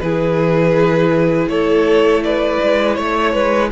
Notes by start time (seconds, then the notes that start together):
0.00 E3 E4 G#4 B4
1.47 A3 A4 C#5
2.24 B4 D5
2.63 G#3
2.95 A3 C#5
3.33 G#3 B4